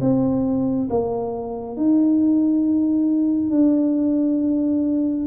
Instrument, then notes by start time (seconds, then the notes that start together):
tuba
0.00 C4
0.89 A#3
1.76 D#4
3.50 D4